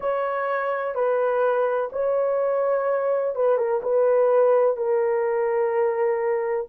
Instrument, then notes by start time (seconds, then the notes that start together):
horn
0.00 C#5
0.94 B4
1.92 C#5
3.35 B4
3.57 A#4
3.82 B4
4.76 A#4